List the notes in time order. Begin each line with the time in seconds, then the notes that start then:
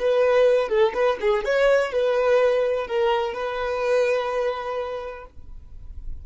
0.00 B4
0.69 A4
0.94 B4
1.21 G#4
1.45 C#5
1.92 B4
2.88 A#4
3.34 B4